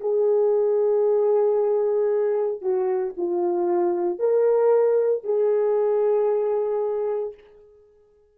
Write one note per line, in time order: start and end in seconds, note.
0.00 2.61 G#4
2.61 3.13 F#4
3.17 4.19 F4
4.19 5.23 A#4
5.23 7.34 G#4